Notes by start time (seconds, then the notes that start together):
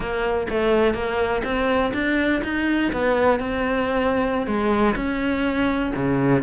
0.00 A#3
0.49 A3
0.93 A#3
1.43 C4
1.93 D4
2.43 D#4
2.92 B3
3.39 C4
4.46 G#3
4.95 C#4
5.95 C#3